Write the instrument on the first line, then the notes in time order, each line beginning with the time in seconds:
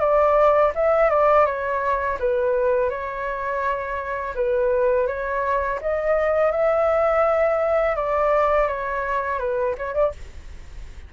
flute
0.00 D5
0.75 E5
1.10 D5
1.46 C#5
2.20 B4
2.90 C#5
4.35 B4
5.07 C#5
5.82 D#5
6.52 E5
7.96 D5
8.68 C#5
9.39 B4
9.78 C#5
9.95 D5